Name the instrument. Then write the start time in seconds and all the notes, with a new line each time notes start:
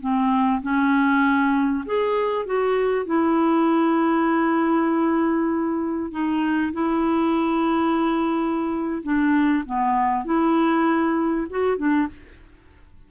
clarinet
0.00 C4
0.62 C#4
1.85 G#4
2.45 F#4
3.05 E4
6.11 D#4
6.72 E4
9.03 D4
9.65 B3
10.24 E4
11.50 F#4
11.77 D4